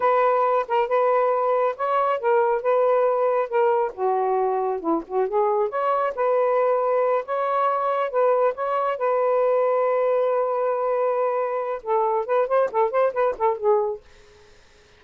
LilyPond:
\new Staff \with { instrumentName = "saxophone" } { \time 4/4 \tempo 4 = 137 b'4. ais'8 b'2 | cis''4 ais'4 b'2 | ais'4 fis'2 e'8 fis'8 | gis'4 cis''4 b'2~ |
b'8 cis''2 b'4 cis''8~ | cis''8 b'2.~ b'8~ | b'2. a'4 | b'8 c''8 a'8 c''8 b'8 a'8 gis'4 | }